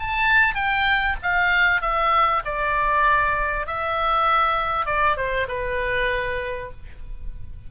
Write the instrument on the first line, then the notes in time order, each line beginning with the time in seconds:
oboe
0.00 A5
0.55 G5
1.23 F5
1.82 E5
2.45 D5
3.67 E5
4.86 D5
5.17 C5
5.49 B4